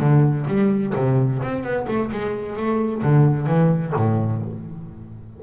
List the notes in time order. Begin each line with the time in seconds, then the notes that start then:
0.00 D3
0.48 G3
0.96 C3
1.43 C4
1.64 B3
1.88 A3
2.12 G#3
2.57 A3
3.03 D3
3.47 E3
3.97 A2